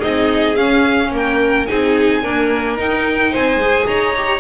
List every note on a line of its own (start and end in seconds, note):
0.00 0.58 C4
0.00 0.55 D#4
0.00 1.10 G#4
0.00 0.56 D#5
0.56 1.68 C#4
0.56 1.12 C#4
0.56 1.11 F5
1.12 1.67 A#3
1.12 1.70 A#4
1.12 1.67 G5
1.67 2.24 C4
1.67 2.23 D#4
1.67 2.23 G#4
1.67 2.77 G#5
2.23 2.78 A#3
2.23 2.78 D4
2.23 3.32 A#4
2.78 3.61 D#4
2.78 3.33 D#4
2.78 3.35 G5
3.32 3.57 C4
3.32 3.87 C5
3.32 3.87 G#5
3.57 3.84 G#3
3.57 4.17 G#4
3.87 4.40 D#4
3.87 4.40 C#5
3.87 4.40 A#5
4.17 4.40 G4